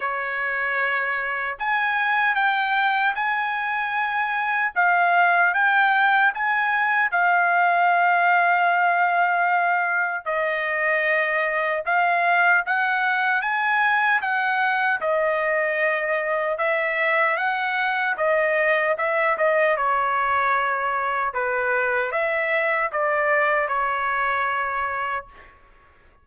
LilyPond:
\new Staff \with { instrumentName = "trumpet" } { \time 4/4 \tempo 4 = 76 cis''2 gis''4 g''4 | gis''2 f''4 g''4 | gis''4 f''2.~ | f''4 dis''2 f''4 |
fis''4 gis''4 fis''4 dis''4~ | dis''4 e''4 fis''4 dis''4 | e''8 dis''8 cis''2 b'4 | e''4 d''4 cis''2 | }